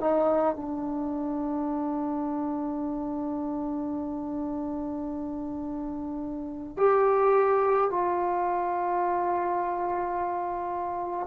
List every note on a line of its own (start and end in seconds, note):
0.00 0.55 D#4
0.55 6.77 D4
6.77 7.90 G4
7.90 11.26 F4